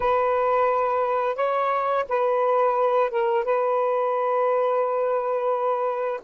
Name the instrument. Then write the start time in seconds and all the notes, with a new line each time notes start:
saxophone
0.00 B4
1.35 C#5
2.08 B4
3.10 A#4
3.44 B4